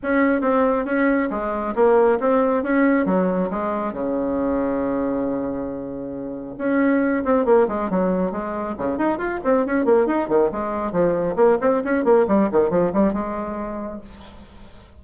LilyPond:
\new Staff \with { instrumentName = "bassoon" } { \time 4/4 \tempo 4 = 137 cis'4 c'4 cis'4 gis4 | ais4 c'4 cis'4 fis4 | gis4 cis2.~ | cis2. cis'4~ |
cis'8 c'8 ais8 gis8 fis4 gis4 | cis8 dis'8 f'8 c'8 cis'8 ais8 dis'8 dis8 | gis4 f4 ais8 c'8 cis'8 ais8 | g8 dis8 f8 g8 gis2 | }